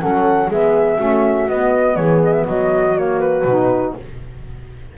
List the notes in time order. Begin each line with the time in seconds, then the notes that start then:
0.00 F#3 C#4 A4 F#5
0.49 G#3 B3 G#4 E5
0.98 A3 C#4 F#4
1.48 B3 D#5
1.96 E3 G#4 C#5
2.24 D#5
2.32 E5
2.47 F#3 F#4 D#5
2.95 A#3 C#5
3.20 B4
3.44 B2 D#4